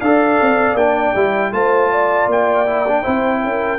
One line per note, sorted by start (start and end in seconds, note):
0.00 0.39 D4
0.00 0.77 A4
0.00 1.52 D5
0.00 0.76 F5
0.41 0.73 C4
0.73 1.11 A#3
0.73 1.14 D4
0.73 1.52 G5
1.14 1.52 G3
1.14 1.52 E4
1.52 2.26 A3
1.52 2.66 F4
1.52 1.90 C5
1.52 2.29 A5
1.90 3.02 D5
2.26 3.02 A#3
2.26 3.79 G5
2.66 2.85 E4
2.87 3.03 D4
3.02 3.43 C4
3.02 3.78 E4
3.02 3.40 C5
3.43 3.79 C#4
3.43 3.79 A#4